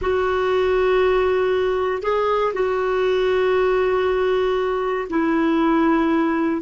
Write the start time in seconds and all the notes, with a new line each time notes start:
0.01 F#4
2.02 G#4
2.53 F#4
5.09 E4